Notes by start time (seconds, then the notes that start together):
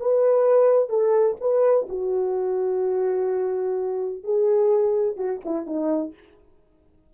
0.00 B4
0.89 A4
1.40 B4
1.89 F#4
4.23 G#4
5.16 F#4
5.45 E4
5.66 D#4